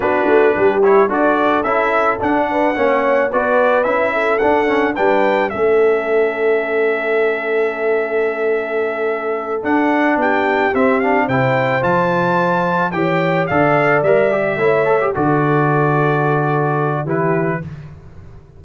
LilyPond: <<
  \new Staff \with { instrumentName = "trumpet" } { \time 4/4 \tempo 4 = 109 b'4. cis''8 d''4 e''4 | fis''2 d''4 e''4 | fis''4 g''4 e''2~ | e''1~ |
e''4. fis''4 g''4 e''8 | f''8 g''4 a''2 g''8~ | g''8 f''4 e''2 d''8~ | d''2. b'4 | }
  \new Staff \with { instrumentName = "horn" } { \time 4/4 fis'4 g'4 a'2~ | a'8 b'8 cis''4 b'4. a'8~ | a'4 b'4 a'2~ | a'1~ |
a'2~ a'8 g'4.~ | g'8 c''2. cis''8~ | cis''8 d''2 cis''4 a'8~ | a'2. g'4 | }
  \new Staff \with { instrumentName = "trombone" } { \time 4/4 d'4. e'8 fis'4 e'4 | d'4 cis'4 fis'4 e'4 | d'8 cis'8 d'4 cis'2~ | cis'1~ |
cis'4. d'2 c'8 | d'8 e'4 f'2 g'8~ | g'8 a'4 ais'8 g'8 e'8 a'16 g'16 fis'8~ | fis'2. e'4 | }
  \new Staff \with { instrumentName = "tuba" } { \time 4/4 b8 a8 g4 d'4 cis'4 | d'4 ais4 b4 cis'4 | d'4 g4 a2~ | a1~ |
a4. d'4 b4 c'8~ | c'8 c4 f2 e8~ | e8 d4 g4 a4 d8~ | d2. e4 | }
>>